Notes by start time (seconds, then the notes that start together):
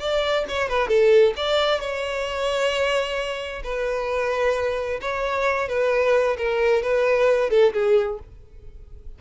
0.00 D5
0.49 C#5
0.69 B4
0.88 A4
1.37 D5
1.81 C#5
3.64 B4
5.02 C#5
5.69 B4
6.38 A#4
6.83 B4
7.51 A4
7.74 G#4